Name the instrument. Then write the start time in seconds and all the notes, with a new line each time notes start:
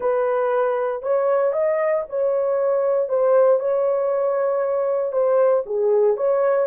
horn
0.00 B4
1.02 C#5
1.52 D#5
2.09 C#5
3.08 C5
3.59 C#5
5.12 C5
5.66 G#4
6.16 C#5